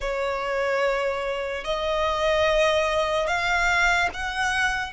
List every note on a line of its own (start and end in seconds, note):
0.00 1.64 C#5
1.64 3.27 D#5
3.27 4.09 F5
4.13 4.92 F#5